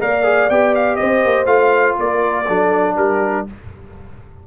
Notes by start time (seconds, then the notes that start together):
0.00 A#3 A#4 D5 F5
0.24 G#4
0.50 B3 G4 G5
0.76 F5
0.96 C4 C5 D#5
1.25 A#3
1.46 A3 F4 F5
1.99 A#3 A#4 D5
2.47 F#3 D4 A4
2.96 G3 G4 A#4